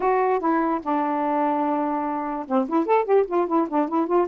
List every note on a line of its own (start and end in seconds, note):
0.00 0.39 F#4
0.39 0.80 E4
0.82 2.45 D4
2.47 2.67 C4
2.68 2.86 E4
2.86 3.04 A4
3.04 3.25 G4
3.27 3.47 F4
3.47 3.67 E4
3.68 3.88 D4
3.88 4.06 E4
4.06 4.27 F4